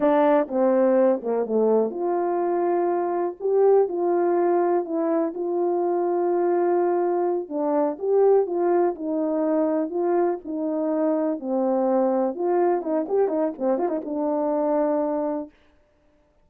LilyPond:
\new Staff \with { instrumentName = "horn" } { \time 4/4 \tempo 4 = 124 d'4 c'4. ais8 a4 | f'2. g'4 | f'2 e'4 f'4~ | f'2.~ f'8 d'8~ |
d'8 g'4 f'4 dis'4.~ | dis'8 f'4 dis'2 c'8~ | c'4. f'4 dis'8 g'8 dis'8 | c'8 f'16 dis'16 d'2. | }